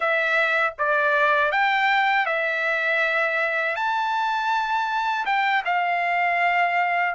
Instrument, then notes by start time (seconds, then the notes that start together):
trumpet
0.00 E5
0.78 D5
1.51 G5
2.26 E5
3.75 A5
5.25 G5
5.65 F5